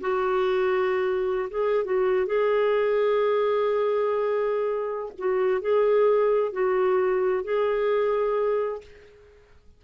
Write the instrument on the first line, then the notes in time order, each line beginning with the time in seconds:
clarinet
0.00 F#4
1.50 G#4
1.84 F#4
2.26 G#4
5.18 F#4
5.61 G#4
6.52 F#4
7.44 G#4